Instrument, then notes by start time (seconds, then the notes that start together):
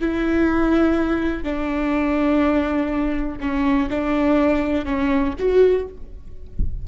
viola
0.00 E4
1.43 D4
3.40 C#4
3.90 D4
4.85 C#4
5.39 F#4